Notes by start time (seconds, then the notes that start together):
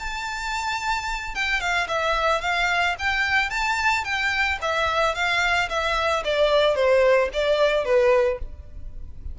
0.00 A5
1.35 G5
1.61 F5
1.88 E5
2.42 F5
2.99 G5
3.51 A5
4.05 G5
4.62 E5
5.15 F5
5.70 E5
6.25 D5
6.76 C5
7.34 D5
7.85 B4